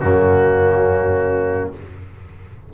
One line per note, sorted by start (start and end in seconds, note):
0.00 1.73 F#2
0.00 1.73 A#3
0.00 1.73 C#4
0.00 1.71 F#4